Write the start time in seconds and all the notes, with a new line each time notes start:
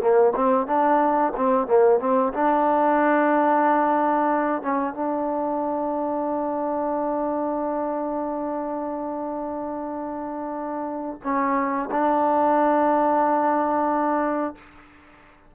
0.00 A#3
0.35 C4
0.67 D4
1.36 C4
1.67 A#3
1.99 C4
2.33 D4
4.62 C#4
4.93 D4
11.23 C#4
11.91 D4